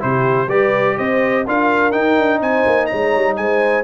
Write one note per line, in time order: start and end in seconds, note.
0.00 0.47 C3
0.00 0.48 E4
0.00 0.48 G4
0.00 0.50 C5
0.47 0.95 G3
0.47 1.46 G4
0.47 0.96 B4
0.47 0.98 D5
0.98 1.47 C4
0.98 1.46 C5
0.98 1.46 D#5
1.47 1.95 D4
1.47 1.92 F4
1.47 2.40 A#4
1.47 1.92 F5
1.92 3.84 D#4
1.92 2.18 D#4
1.92 2.40 G5
2.18 2.41 D4
2.40 2.65 C4
2.40 2.88 C5
2.40 2.86 G#5
2.66 2.90 A#3
2.86 3.38 C#5
2.86 3.34 A#5
2.93 3.16 G#3
3.16 3.38 G3
3.36 3.84 G#3
3.36 3.84 C5
3.36 3.84 G#5